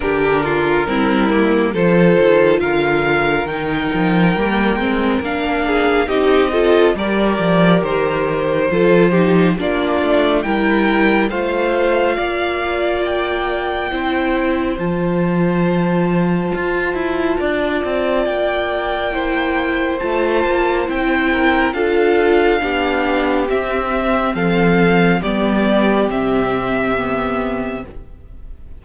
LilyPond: <<
  \new Staff \with { instrumentName = "violin" } { \time 4/4 \tempo 4 = 69 ais'2 c''4 f''4 | g''2 f''4 dis''4 | d''4 c''2 d''4 | g''4 f''2 g''4~ |
g''4 a''2.~ | a''4 g''2 a''4 | g''4 f''2 e''4 | f''4 d''4 e''2 | }
  \new Staff \with { instrumentName = "violin" } { \time 4/4 g'8 f'8 e'4 a'4 ais'4~ | ais'2~ ais'8 gis'8 g'8 a'8 | ais'2 a'8 g'8 f'4 | ais'4 c''4 d''2 |
c''1 | d''2 c''2~ | c''8 ais'8 a'4 g'2 | a'4 g'2. | }
  \new Staff \with { instrumentName = "viola" } { \time 4/4 d'4 c'8 ais8 f'2 | dis'4 ais8 c'8 d'4 dis'8 f'8 | g'2 f'8 dis'8 d'4 | e'4 f'2. |
e'4 f'2.~ | f'2 e'4 f'4 | e'4 f'4 d'4 c'4~ | c'4 b4 c'4 b4 | }
  \new Staff \with { instrumentName = "cello" } { \time 4/4 d4 g4 f8 dis8 d4 | dis8 f8 g8 gis8 ais4 c'4 | g8 f8 dis4 f4 ais8 a8 | g4 a4 ais2 |
c'4 f2 f'8 e'8 | d'8 c'8 ais2 a8 ais8 | c'4 d'4 b4 c'4 | f4 g4 c2 | }
>>